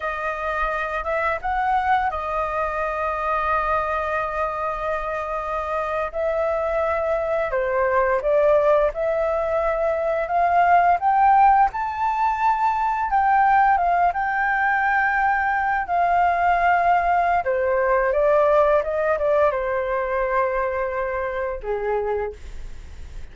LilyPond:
\new Staff \with { instrumentName = "flute" } { \time 4/4 \tempo 4 = 86 dis''4. e''8 fis''4 dis''4~ | dis''1~ | dis''8. e''2 c''4 d''16~ | d''8. e''2 f''4 g''16~ |
g''8. a''2 g''4 f''16~ | f''16 g''2~ g''8 f''4~ f''16~ | f''4 c''4 d''4 dis''8 d''8 | c''2. gis'4 | }